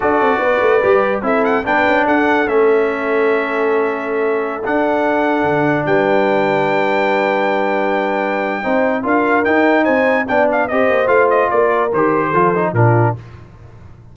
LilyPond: <<
  \new Staff \with { instrumentName = "trumpet" } { \time 4/4 \tempo 4 = 146 d''2. e''8 fis''8 | g''4 fis''4 e''2~ | e''2.~ e''16 fis''8.~ | fis''2~ fis''16 g''4.~ g''16~ |
g''1~ | g''2 f''4 g''4 | gis''4 g''8 f''8 dis''4 f''8 dis''8 | d''4 c''2 ais'4 | }
  \new Staff \with { instrumentName = "horn" } { \time 4/4 a'4 b'2 a'4 | b'4 a'2.~ | a'1~ | a'2~ a'16 b'4.~ b'16~ |
b'1~ | b'4 c''4 ais'2 | c''4 d''4 c''2 | ais'2 a'4 f'4 | }
  \new Staff \with { instrumentName = "trombone" } { \time 4/4 fis'2 g'4 e'4 | d'2 cis'2~ | cis'2.~ cis'16 d'8.~ | d'1~ |
d'1~ | d'4 dis'4 f'4 dis'4~ | dis'4 d'4 g'4 f'4~ | f'4 g'4 f'8 dis'8 d'4 | }
  \new Staff \with { instrumentName = "tuba" } { \time 4/4 d'8 c'8 b8 a8 g4 c'4 | b8 cis'8 d'4 a2~ | a2.~ a16 d'8.~ | d'4~ d'16 d4 g4.~ g16~ |
g1~ | g4 c'4 d'4 dis'4 | c'4 b4 c'8 ais8 a4 | ais4 dis4 f4 ais,4 | }
>>